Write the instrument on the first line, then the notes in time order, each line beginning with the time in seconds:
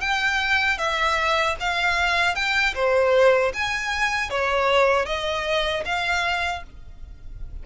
violin
0.00 G5
0.78 E5
1.60 F5
2.35 G5
2.74 C5
3.53 G#5
4.30 C#5
5.06 D#5
5.85 F5